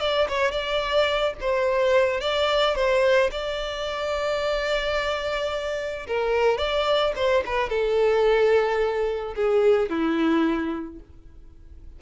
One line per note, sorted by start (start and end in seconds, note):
0.00 0.28 D5
0.29 0.51 C#5
0.51 1.34 D5
1.40 2.20 C5
2.20 2.75 D5
2.75 3.30 C5
3.31 6.07 D5
6.07 6.58 A#4
6.58 7.13 D5
7.16 7.43 C5
7.46 7.69 B4
7.69 9.34 A4
9.35 9.89 G#4
9.89 10.99 E4